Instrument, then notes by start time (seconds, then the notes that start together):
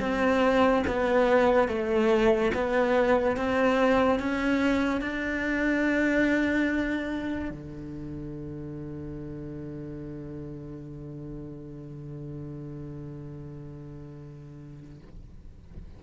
cello
0.00 C4
0.87 B3
1.69 A3
2.55 B3
3.37 C4
4.19 C#4
5.01 D4
7.50 D3